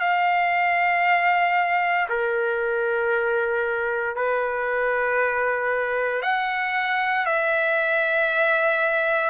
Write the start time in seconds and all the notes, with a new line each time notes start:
0.00 F5
2.09 A#4
4.16 B4
6.22 F#5
7.26 E5